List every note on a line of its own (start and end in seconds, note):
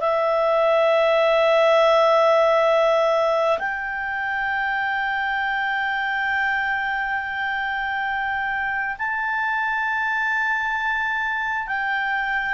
0.00 3.58 E5
3.59 8.96 G5
8.98 11.67 A5
11.67 12.54 G5